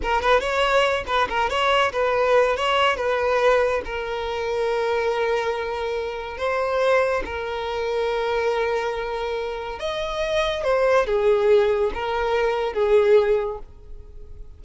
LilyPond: \new Staff \with { instrumentName = "violin" } { \time 4/4 \tempo 4 = 141 ais'8 b'8 cis''4. b'8 ais'8 cis''8~ | cis''8 b'4. cis''4 b'4~ | b'4 ais'2.~ | ais'2. c''4~ |
c''4 ais'2.~ | ais'2. dis''4~ | dis''4 c''4 gis'2 | ais'2 gis'2 | }